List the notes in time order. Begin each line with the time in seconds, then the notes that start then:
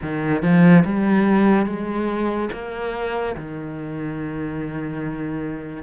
0.02 D#3
0.42 F3
0.84 G3
1.66 G#3
2.52 A#3
3.36 D#3